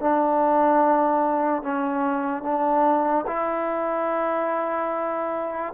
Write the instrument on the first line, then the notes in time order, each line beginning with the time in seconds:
trombone
0.00 D4
1.63 C#4
2.42 D4
3.27 E4